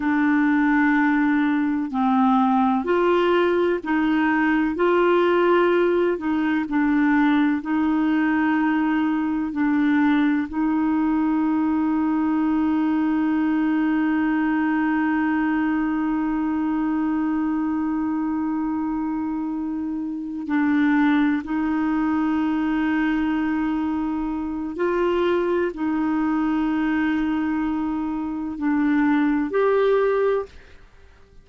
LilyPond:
\new Staff \with { instrumentName = "clarinet" } { \time 4/4 \tempo 4 = 63 d'2 c'4 f'4 | dis'4 f'4. dis'8 d'4 | dis'2 d'4 dis'4~ | dis'1~ |
dis'1~ | dis'4. d'4 dis'4.~ | dis'2 f'4 dis'4~ | dis'2 d'4 g'4 | }